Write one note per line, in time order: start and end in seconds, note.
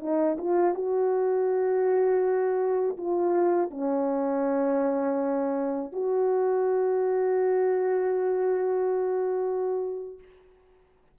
0.00 0.37 D#4
0.38 0.75 F4
0.75 2.97 F#4
2.98 3.71 F4
3.71 5.93 C#4
5.93 10.19 F#4